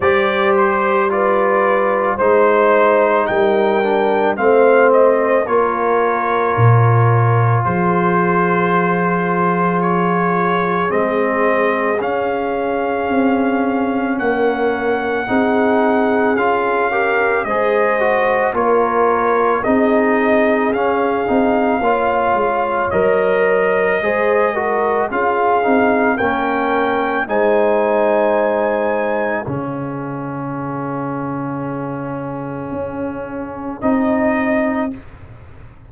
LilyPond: <<
  \new Staff \with { instrumentName = "trumpet" } { \time 4/4 \tempo 4 = 55 d''8 c''8 d''4 c''4 g''4 | f''8 dis''8 cis''2 c''4~ | c''4 cis''4 dis''4 f''4~ | f''4 fis''2 f''4 |
dis''4 cis''4 dis''4 f''4~ | f''4 dis''2 f''4 | g''4 gis''2 f''4~ | f''2. dis''4 | }
  \new Staff \with { instrumentName = "horn" } { \time 4/4 c''4 b'4 c''4 ais'4 | c''4 ais'2 gis'4~ | gis'1~ | gis'4 ais'4 gis'4. ais'8 |
c''4 ais'4 gis'2 | cis''2 c''8 ais'8 gis'4 | ais'4 c''2 gis'4~ | gis'1 | }
  \new Staff \with { instrumentName = "trombone" } { \time 4/4 g'4 f'4 dis'4. d'8 | c'4 f'2.~ | f'2 c'4 cis'4~ | cis'2 dis'4 f'8 g'8 |
gis'8 fis'8 f'4 dis'4 cis'8 dis'8 | f'4 ais'4 gis'8 fis'8 f'8 dis'8 | cis'4 dis'2 cis'4~ | cis'2. dis'4 | }
  \new Staff \with { instrumentName = "tuba" } { \time 4/4 g2 gis4 g4 | a4 ais4 ais,4 f4~ | f2 gis4 cis'4 | c'4 ais4 c'4 cis'4 |
gis4 ais4 c'4 cis'8 c'8 | ais8 gis8 fis4 gis4 cis'8 c'8 | ais4 gis2 cis4~ | cis2 cis'4 c'4 | }
>>